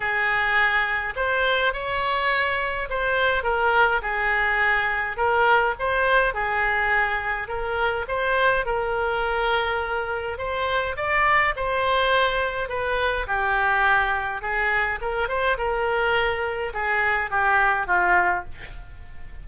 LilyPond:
\new Staff \with { instrumentName = "oboe" } { \time 4/4 \tempo 4 = 104 gis'2 c''4 cis''4~ | cis''4 c''4 ais'4 gis'4~ | gis'4 ais'4 c''4 gis'4~ | gis'4 ais'4 c''4 ais'4~ |
ais'2 c''4 d''4 | c''2 b'4 g'4~ | g'4 gis'4 ais'8 c''8 ais'4~ | ais'4 gis'4 g'4 f'4 | }